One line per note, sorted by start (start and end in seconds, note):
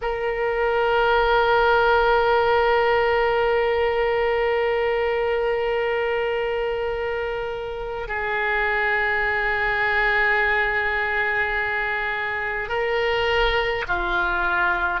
0.01 8.08 A#4
8.08 12.69 G#4
12.69 13.84 A#4
13.88 15.00 F4